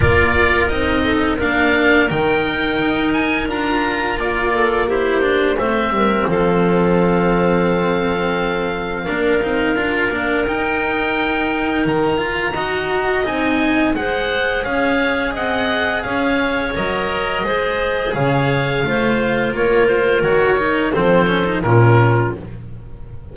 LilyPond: <<
  \new Staff \with { instrumentName = "oboe" } { \time 4/4 \tempo 4 = 86 d''4 dis''4 f''4 g''4~ | g''8 gis''8 ais''4 d''4 c''4 | e''4 f''2.~ | f''2. g''4~ |
g''4 ais''2 gis''4 | fis''4 f''4 fis''4 f''4 | dis''2 f''2 | cis''8 c''8 cis''4 c''4 ais'4 | }
  \new Staff \with { instrumentName = "clarinet" } { \time 4/4 ais'4. a'8 ais'2~ | ais'2~ ais'8 a'8 g'4 | c''8 ais'8 a'2.~ | a'4 ais'2.~ |
ais'2 dis''2 | c''4 cis''4 dis''4 cis''4~ | cis''4 c''4 cis''4 c''4 | ais'2 a'4 f'4 | }
  \new Staff \with { instrumentName = "cello" } { \time 4/4 f'4 dis'4 d'4 dis'4~ | dis'4 f'2 e'8 d'8 | c'1~ | c'4 d'8 dis'8 f'8 d'8 dis'4~ |
dis'4. f'8 fis'4 dis'4 | gis'1 | ais'4 gis'2 f'4~ | f'4 fis'8 dis'8 c'8 cis'16 dis'16 cis'4 | }
  \new Staff \with { instrumentName = "double bass" } { \time 4/4 ais4 c'4 ais4 dis4 | dis'4 d'4 ais2 | a8 g8 f2.~ | f4 ais8 c'8 d'8 ais8 dis'4~ |
dis'4 dis4 dis'4 c'4 | gis4 cis'4 c'4 cis'4 | fis4 gis4 cis4 a4 | ais4 dis4 f4 ais,4 | }
>>